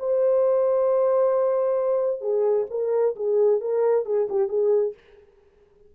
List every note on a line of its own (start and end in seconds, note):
0.00 2.21 C5
2.21 2.67 G#4
2.71 3.16 A#4
3.16 3.61 G#4
3.61 4.06 A#4
4.06 4.28 G#4
4.30 4.49 G4
4.49 4.94 G#4